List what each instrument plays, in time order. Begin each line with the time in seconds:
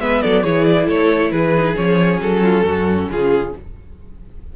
0.00 cello G#3, viola B3, violin B4 E5
0.22 cello F#3, violin A4 D5
0.43 cello E3, viola E4, violin G#4 C#5
0.65 violin D5
0.86 cello A3, violin A4 C#5
1.31 cello E3, violin G#4 B4
1.57 viola D#4
1.75 cello F3, viola C#4, violin C#5
2.20 cello F#3, violin A4
2.42 violin F4
2.64 cello F#2, violin F#4
3.08 cello C#3, violin F4 G#4